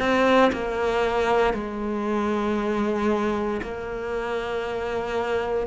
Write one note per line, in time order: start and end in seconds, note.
0.00 0.52 C4
0.53 1.54 A#3
1.54 3.61 G#3
3.63 5.68 A#3